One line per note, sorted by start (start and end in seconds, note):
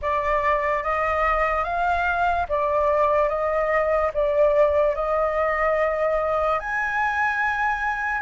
0.01 0.83 D5
0.83 1.64 D#5
1.64 2.46 F5
2.48 3.29 D5
3.29 4.11 D#5
4.13 4.95 D5
4.95 6.59 D#5
6.59 8.21 G#5